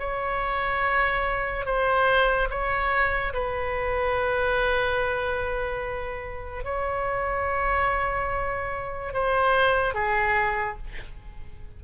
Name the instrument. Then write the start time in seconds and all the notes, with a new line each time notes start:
oboe
0.00 C#5
1.66 C5
2.50 C#5
3.34 B4
6.65 C#5
9.14 C5
9.95 G#4